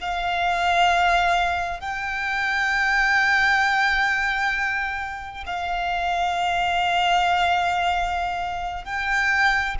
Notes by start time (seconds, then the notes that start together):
0.00 F5
1.80 G5
5.46 F5
8.84 G5